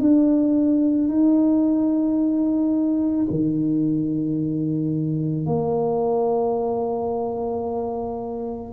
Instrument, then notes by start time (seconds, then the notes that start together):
tuba
0.00 D4
1.08 D#4
3.30 D#3
5.46 A#3